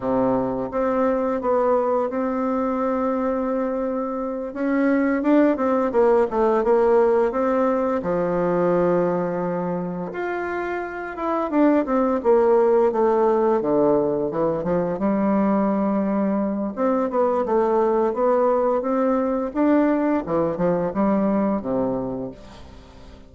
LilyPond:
\new Staff \with { instrumentName = "bassoon" } { \time 4/4 \tempo 4 = 86 c4 c'4 b4 c'4~ | c'2~ c'8 cis'4 d'8 | c'8 ais8 a8 ais4 c'4 f8~ | f2~ f8 f'4. |
e'8 d'8 c'8 ais4 a4 d8~ | d8 e8 f8 g2~ g8 | c'8 b8 a4 b4 c'4 | d'4 e8 f8 g4 c4 | }